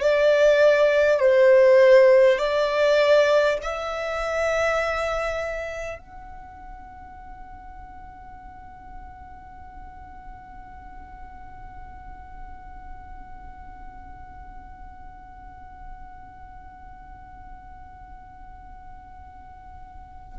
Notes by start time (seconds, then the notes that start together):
0.00 D5
1.19 C5
2.38 D5
3.62 E5
5.99 F#5